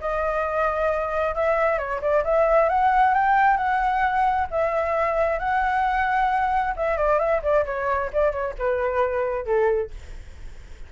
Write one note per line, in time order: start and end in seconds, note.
0.00 1.35 D#5
1.35 1.78 E5
1.78 2.00 C#5
2.01 2.24 D5
2.24 2.69 E5
2.69 3.14 F#5
3.14 3.57 G5
3.57 4.47 F#5
4.51 5.39 E5
5.39 6.74 F#5
6.76 6.97 E5
6.97 7.19 D5
7.19 7.41 E5
7.42 7.65 D5
7.65 8.10 C#5
8.13 8.32 D5
8.32 8.54 C#5
8.58 9.45 B4
9.45 9.90 A4